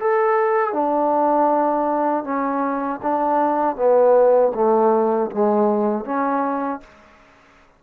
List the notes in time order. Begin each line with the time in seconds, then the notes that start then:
0.00 A4
0.73 D4
2.24 C#4
3.02 D4
3.76 B3
4.54 A3
5.31 G#3
6.04 C#4